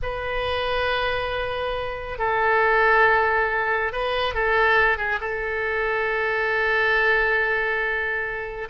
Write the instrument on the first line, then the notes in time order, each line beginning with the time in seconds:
oboe
0.02 B4
2.18 A4
3.92 B4
4.34 A4
4.97 G#4
5.20 A4